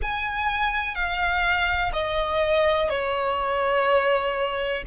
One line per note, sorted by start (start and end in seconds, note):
0.01 0.95 G#5
0.95 1.91 F5
1.92 2.89 D#5
2.89 4.83 C#5